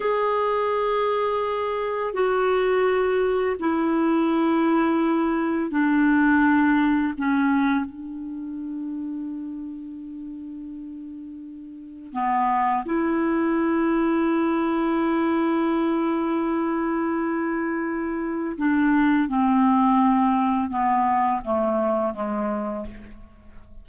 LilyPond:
\new Staff \with { instrumentName = "clarinet" } { \time 4/4 \tempo 4 = 84 gis'2. fis'4~ | fis'4 e'2. | d'2 cis'4 d'4~ | d'1~ |
d'4 b4 e'2~ | e'1~ | e'2 d'4 c'4~ | c'4 b4 a4 gis4 | }